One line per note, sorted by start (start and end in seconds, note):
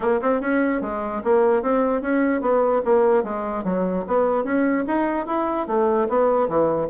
0.00 0.20 A#3
0.21 0.40 C4
0.40 0.81 C#4
0.81 1.21 G#3
1.24 1.62 A#3
1.62 2.01 C4
2.01 2.41 C#4
2.41 2.81 B3
2.84 3.23 A#3
3.23 3.64 G#3
3.64 4.04 F#3
4.07 4.44 B3
4.44 4.84 C#4
4.87 5.26 D#4
5.26 5.67 E4
5.67 6.08 A3
6.08 6.48 B3
6.48 6.89 E3